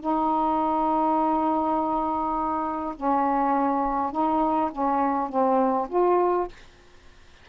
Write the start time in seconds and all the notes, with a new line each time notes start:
0.00 D#4
2.96 C#4
4.11 D#4
4.71 C#4
5.28 C4
5.89 F4